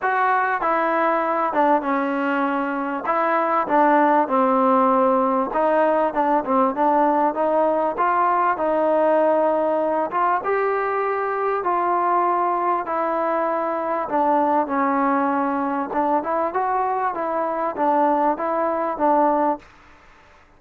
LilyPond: \new Staff \with { instrumentName = "trombone" } { \time 4/4 \tempo 4 = 98 fis'4 e'4. d'8 cis'4~ | cis'4 e'4 d'4 c'4~ | c'4 dis'4 d'8 c'8 d'4 | dis'4 f'4 dis'2~ |
dis'8 f'8 g'2 f'4~ | f'4 e'2 d'4 | cis'2 d'8 e'8 fis'4 | e'4 d'4 e'4 d'4 | }